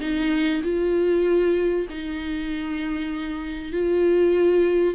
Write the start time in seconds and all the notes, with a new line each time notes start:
0.00 D#4
0.63 F4
1.89 D#4
3.72 F4